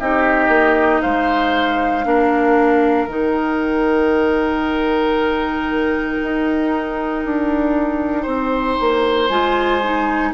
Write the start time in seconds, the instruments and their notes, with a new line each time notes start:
0.00 bassoon C4, clarinet D#4, oboe G4, flute D#5
0.49 bassoon A#3
1.02 bassoon G#3, oboe C5, flute F5
2.05 bassoon A#3, clarinet D4, oboe A#4
3.07 bassoon D#3, clarinet D#4, flute G5
6.23 bassoon D#4
7.25 bassoon D4
8.23 bassoon C4, oboe C5
8.81 bassoon A#3
9.29 bassoon G#3, clarinet F4, flute G#5
9.83 clarinet D#4